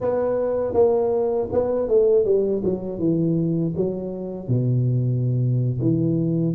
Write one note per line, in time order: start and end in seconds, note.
0.00 0.73 B3
0.73 1.48 A#3
1.52 1.88 B3
1.88 2.25 A3
2.25 2.62 G3
2.64 2.99 F#3
2.99 3.74 E3
3.76 4.48 F#3
4.48 5.79 B2
5.81 6.55 E3